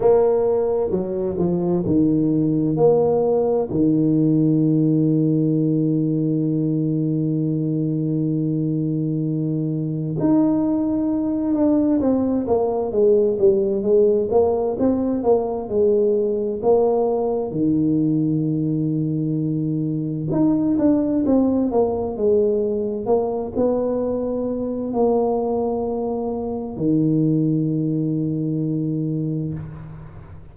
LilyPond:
\new Staff \with { instrumentName = "tuba" } { \time 4/4 \tempo 4 = 65 ais4 fis8 f8 dis4 ais4 | dis1~ | dis2. dis'4~ | dis'8 d'8 c'8 ais8 gis8 g8 gis8 ais8 |
c'8 ais8 gis4 ais4 dis4~ | dis2 dis'8 d'8 c'8 ais8 | gis4 ais8 b4. ais4~ | ais4 dis2. | }